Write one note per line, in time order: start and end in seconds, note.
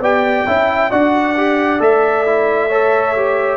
0.00 0.45 B3
0.00 0.47 G4
0.00 0.47 D5
0.00 0.92 G5
0.47 0.92 C#4
0.47 0.91 E4
0.47 0.91 E5
0.91 1.80 D4
0.91 1.36 F#4
0.91 2.69 D5
0.91 1.81 F#5
1.37 1.80 G4
1.80 3.57 A3
1.80 2.25 A4
1.80 3.57 E5
2.26 2.71 E4
2.69 3.15 A4
2.69 3.57 C#5
3.16 3.57 G4